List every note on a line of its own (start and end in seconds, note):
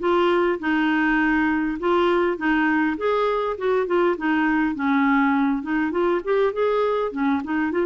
0.00 0.59 F4
0.60 1.79 D#4
1.80 2.38 F4
2.38 2.97 D#4
2.98 3.57 G#4
3.59 3.87 F#4
3.87 4.17 F4
4.18 4.76 D#4
4.76 5.63 C#4
5.63 5.92 D#4
5.92 6.22 F4
6.25 6.53 G4
6.53 7.12 G#4
7.12 7.42 C#4
7.44 7.72 D#4
7.72 7.86 F4